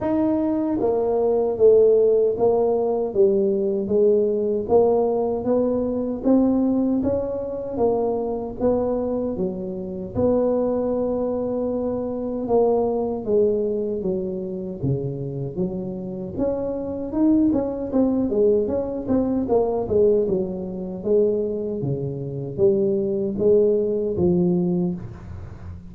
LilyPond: \new Staff \with { instrumentName = "tuba" } { \time 4/4 \tempo 4 = 77 dis'4 ais4 a4 ais4 | g4 gis4 ais4 b4 | c'4 cis'4 ais4 b4 | fis4 b2. |
ais4 gis4 fis4 cis4 | fis4 cis'4 dis'8 cis'8 c'8 gis8 | cis'8 c'8 ais8 gis8 fis4 gis4 | cis4 g4 gis4 f4 | }